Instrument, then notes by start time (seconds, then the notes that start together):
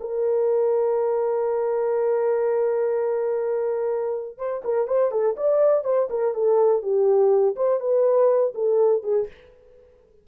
horn
0.00 A#4
4.38 C5
4.64 A#4
4.88 C5
5.12 A4
5.37 D5
5.84 C5
6.10 A#4
6.34 A4
6.82 G4
7.56 C5
7.80 B4
8.55 A4
9.03 G#4